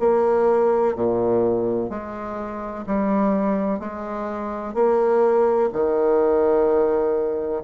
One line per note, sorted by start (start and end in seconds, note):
0.00 0.95 A#3
0.96 1.90 A#2
1.90 2.86 G#3
2.87 3.80 G3
3.80 4.74 G#3
4.74 5.70 A#3
5.73 7.63 D#3